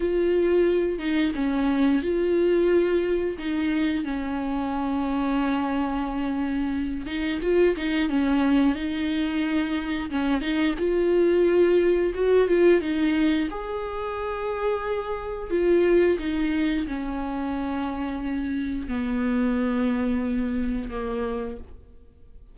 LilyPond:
\new Staff \with { instrumentName = "viola" } { \time 4/4 \tempo 4 = 89 f'4. dis'8 cis'4 f'4~ | f'4 dis'4 cis'2~ | cis'2~ cis'8 dis'8 f'8 dis'8 | cis'4 dis'2 cis'8 dis'8 |
f'2 fis'8 f'8 dis'4 | gis'2. f'4 | dis'4 cis'2. | b2. ais4 | }